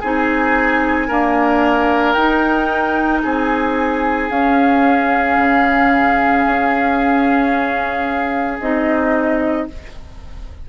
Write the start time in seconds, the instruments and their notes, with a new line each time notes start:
0.00 bassoon C4, clarinet D#4, oboe G#4, flute G#5
1.07 clarinet A#3, bassoon D4, oboe A#4
2.12 bassoon D#4, clarinet D#4, flute G5
3.22 bassoon C4, oboe G#4, flute G#5
4.29 clarinet C#4, bassoon C#4, flute F5
5.37 bassoon C#3
6.46 bassoon C#4
8.60 bassoon C4, clarinet D#4, flute D#5